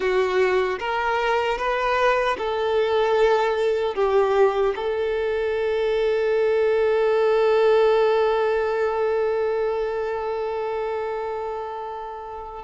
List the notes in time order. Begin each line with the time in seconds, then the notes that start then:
0.00 F#4
0.79 A#4
1.58 B4
2.38 A4
3.95 G4
4.75 A4